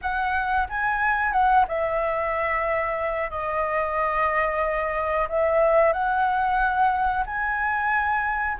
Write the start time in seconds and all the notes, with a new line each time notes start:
0.01 F#5
0.69 G#5
1.32 F#5
1.68 E5
3.30 D#5
5.29 E5
5.92 F#5
7.26 G#5